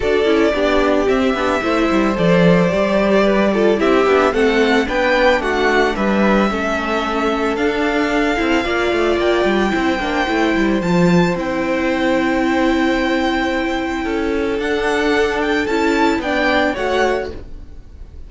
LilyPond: <<
  \new Staff \with { instrumentName = "violin" } { \time 4/4 \tempo 4 = 111 d''2 e''2 | d''2. e''4 | fis''4 g''4 fis''4 e''4~ | e''2 f''2~ |
f''4 g''2. | a''4 g''2.~ | g''2. fis''4~ | fis''8 g''8 a''4 g''4 fis''4 | }
  \new Staff \with { instrumentName = "violin" } { \time 4/4 a'4 g'2 c''4~ | c''2 b'8 a'8 g'4 | a'4 b'4 fis'4 b'4 | a'1 |
d''2 c''2~ | c''1~ | c''2 a'2~ | a'2 d''4 cis''4 | }
  \new Staff \with { instrumentName = "viola" } { \time 4/4 fis'8 e'8 d'4 c'8 d'8 e'4 | a'4 g'4. f'8 e'8 d'8 | c'4 d'2. | cis'2 d'4. e'8 |
f'2 e'8 d'8 e'4 | f'4 e'2.~ | e'2. d'4~ | d'4 e'4 d'4 fis'4 | }
  \new Staff \with { instrumentName = "cello" } { \time 4/4 d'8 cis'8 b4 c'8 b8 a8 g8 | f4 g2 c'8 b8 | a4 b4 a4 g4 | a2 d'4. c'8 |
ais8 a8 ais8 g8 c'8 ais8 a8 g8 | f4 c'2.~ | c'2 cis'4 d'4~ | d'4 cis'4 b4 a4 | }
>>